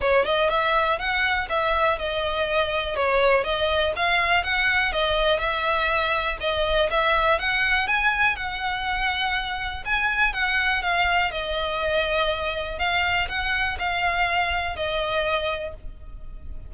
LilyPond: \new Staff \with { instrumentName = "violin" } { \time 4/4 \tempo 4 = 122 cis''8 dis''8 e''4 fis''4 e''4 | dis''2 cis''4 dis''4 | f''4 fis''4 dis''4 e''4~ | e''4 dis''4 e''4 fis''4 |
gis''4 fis''2. | gis''4 fis''4 f''4 dis''4~ | dis''2 f''4 fis''4 | f''2 dis''2 | }